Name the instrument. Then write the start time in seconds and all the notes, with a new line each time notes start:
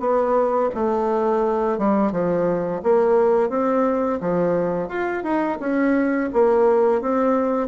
bassoon
0.00 B3
0.75 A3
1.78 G3
2.12 F3
2.83 A#3
3.50 C4
4.21 F3
4.89 F4
5.24 D#4
5.60 C#4
6.33 A#3
7.01 C4